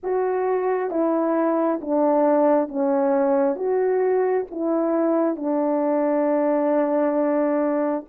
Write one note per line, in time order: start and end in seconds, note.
0.03 0.90 F#4
0.90 1.80 E4
1.81 2.68 D4
2.68 3.55 C#4
3.55 4.45 F#4
4.51 5.36 E4
5.36 8.04 D4